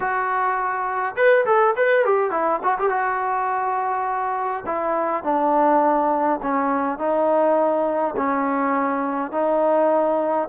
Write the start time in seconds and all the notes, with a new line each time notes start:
0.00 F#4
1.15 B4
1.45 A4
1.76 B4
2.05 G4
2.30 E4
2.63 F#4
2.78 G4
2.89 F#4
4.66 E4
5.23 D4
6.42 C#4
6.98 D#4
8.17 C#4
9.31 D#4